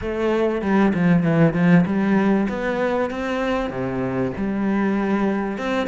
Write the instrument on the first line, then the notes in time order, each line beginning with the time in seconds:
cello
0.01 A3
0.61 G3
0.93 F3
1.22 E3
1.53 F3
1.86 G3
2.49 B3
3.10 C4
3.70 C3
4.37 G3
5.58 C4